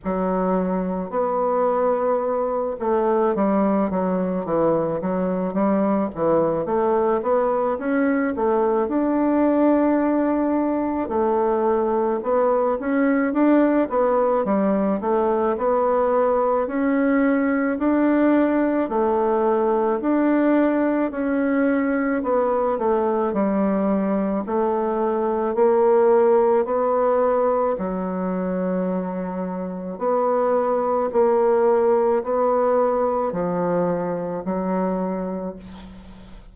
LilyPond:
\new Staff \with { instrumentName = "bassoon" } { \time 4/4 \tempo 4 = 54 fis4 b4. a8 g8 fis8 | e8 fis8 g8 e8 a8 b8 cis'8 a8 | d'2 a4 b8 cis'8 | d'8 b8 g8 a8 b4 cis'4 |
d'4 a4 d'4 cis'4 | b8 a8 g4 a4 ais4 | b4 fis2 b4 | ais4 b4 f4 fis4 | }